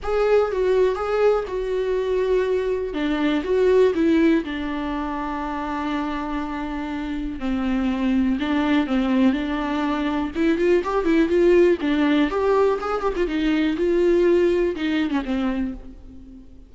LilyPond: \new Staff \with { instrumentName = "viola" } { \time 4/4 \tempo 4 = 122 gis'4 fis'4 gis'4 fis'4~ | fis'2 d'4 fis'4 | e'4 d'2.~ | d'2. c'4~ |
c'4 d'4 c'4 d'4~ | d'4 e'8 f'8 g'8 e'8 f'4 | d'4 g'4 gis'8 g'16 f'16 dis'4 | f'2 dis'8. cis'16 c'4 | }